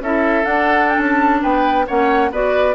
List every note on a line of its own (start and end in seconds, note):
0.00 0.44 C#4
0.00 0.44 E4
0.00 1.41 A4
0.00 0.45 E5
0.44 1.86 D4
0.44 0.98 D4
0.44 0.88 F#5
0.89 0.99 G5
0.98 1.42 C#4
0.98 1.42 A5
1.41 1.87 B3
1.41 1.85 B4
1.41 1.86 G5
1.87 2.31 A#3
1.87 2.31 C#4
1.87 2.30 C#5
1.87 2.32 F#5
2.31 2.74 B3
2.31 2.74 F#4
2.31 2.74 B4
2.31 2.74 D5